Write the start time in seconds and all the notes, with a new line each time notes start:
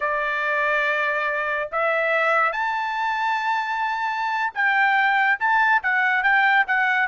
0.00 D5
1.71 E5
2.52 A5
4.54 G5
5.39 A5
5.82 F#5
6.23 G5
6.67 F#5